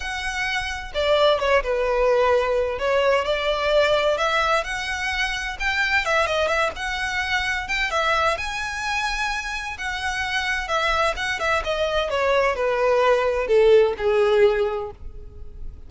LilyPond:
\new Staff \with { instrumentName = "violin" } { \time 4/4 \tempo 4 = 129 fis''2 d''4 cis''8 b'8~ | b'2 cis''4 d''4~ | d''4 e''4 fis''2 | g''4 e''8 dis''8 e''8 fis''4.~ |
fis''8 g''8 e''4 gis''2~ | gis''4 fis''2 e''4 | fis''8 e''8 dis''4 cis''4 b'4~ | b'4 a'4 gis'2 | }